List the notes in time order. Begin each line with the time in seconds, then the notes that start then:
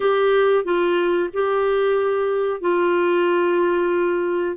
0.00 G4
0.64 F4
1.33 G4
2.61 F4